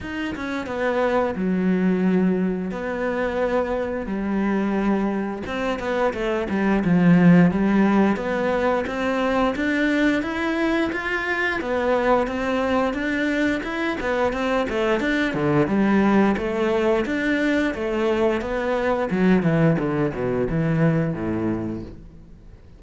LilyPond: \new Staff \with { instrumentName = "cello" } { \time 4/4 \tempo 4 = 88 dis'8 cis'8 b4 fis2 | b2 g2 | c'8 b8 a8 g8 f4 g4 | b4 c'4 d'4 e'4 |
f'4 b4 c'4 d'4 | e'8 b8 c'8 a8 d'8 d8 g4 | a4 d'4 a4 b4 | fis8 e8 d8 b,8 e4 a,4 | }